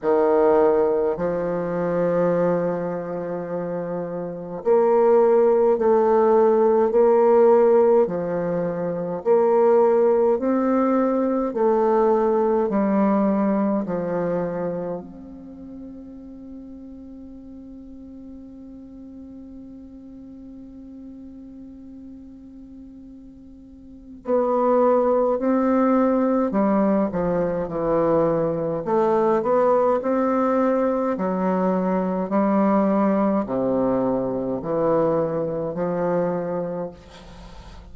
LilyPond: \new Staff \with { instrumentName = "bassoon" } { \time 4/4 \tempo 4 = 52 dis4 f2. | ais4 a4 ais4 f4 | ais4 c'4 a4 g4 | f4 c'2.~ |
c'1~ | c'4 b4 c'4 g8 f8 | e4 a8 b8 c'4 fis4 | g4 c4 e4 f4 | }